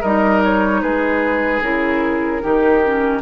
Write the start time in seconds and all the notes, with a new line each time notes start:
0.00 G3 D#4 A#4 D#5
0.44 C#5
0.81 G#3 G#4 B4
1.60 C#3 E4 A#4
2.41 D#3 D#4 G4
2.84 C#4